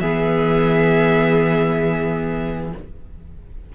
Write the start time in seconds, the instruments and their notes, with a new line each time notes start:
0.00 cello E3, viola B3, violin G#4 E5